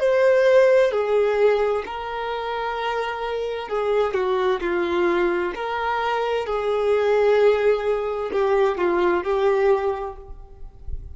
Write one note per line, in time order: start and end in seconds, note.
0.00 0.91 C5
0.91 1.84 G#4
1.86 3.69 A#4
3.69 4.14 G#4
4.14 4.60 F#4
4.61 5.53 F4
5.55 6.46 A#4
6.46 8.31 G#4
8.32 8.78 G4
8.78 9.24 F4
9.24 10.16 G4